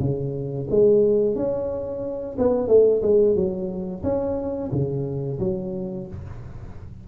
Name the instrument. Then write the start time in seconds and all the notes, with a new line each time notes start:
tuba
0.00 C#3
0.70 G#3
1.35 C#4
2.38 B3
2.68 A3
3.02 G#3
3.35 F#3
4.03 C#4
4.72 C#3
5.40 F#3